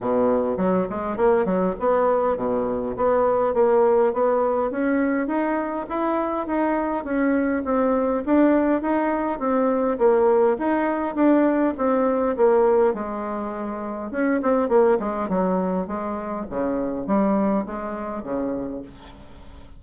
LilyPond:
\new Staff \with { instrumentName = "bassoon" } { \time 4/4 \tempo 4 = 102 b,4 fis8 gis8 ais8 fis8 b4 | b,4 b4 ais4 b4 | cis'4 dis'4 e'4 dis'4 | cis'4 c'4 d'4 dis'4 |
c'4 ais4 dis'4 d'4 | c'4 ais4 gis2 | cis'8 c'8 ais8 gis8 fis4 gis4 | cis4 g4 gis4 cis4 | }